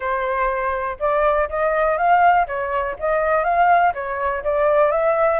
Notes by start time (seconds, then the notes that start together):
0.00 C5
0.99 D5
1.49 D#5
1.97 F5
2.47 C#5
2.99 D#5
3.44 F5
3.94 C#5
4.43 D5
4.91 E5